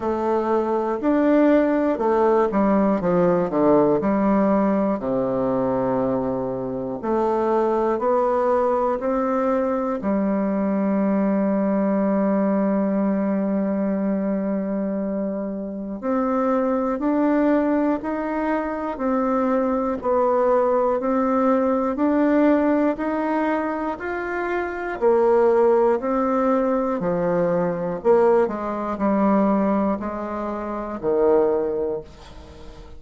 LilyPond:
\new Staff \with { instrumentName = "bassoon" } { \time 4/4 \tempo 4 = 60 a4 d'4 a8 g8 f8 d8 | g4 c2 a4 | b4 c'4 g2~ | g1 |
c'4 d'4 dis'4 c'4 | b4 c'4 d'4 dis'4 | f'4 ais4 c'4 f4 | ais8 gis8 g4 gis4 dis4 | }